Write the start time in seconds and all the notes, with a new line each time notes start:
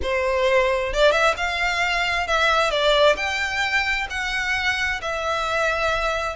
0.02 C5
0.93 D5
1.11 E5
1.36 F5
2.27 E5
2.70 D5
3.16 G5
4.10 F#5
5.01 E5